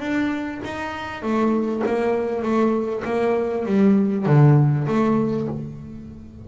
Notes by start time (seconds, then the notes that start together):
0.00 D4
0.65 D#4
1.23 A3
1.86 A#3
2.43 A3
3.06 A#3
3.66 G3
4.26 D3
4.88 A3